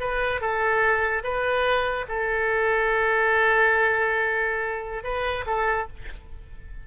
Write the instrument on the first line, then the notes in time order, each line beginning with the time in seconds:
oboe
0.00 B4
0.41 A4
1.24 B4
2.08 A4
5.04 B4
5.46 A4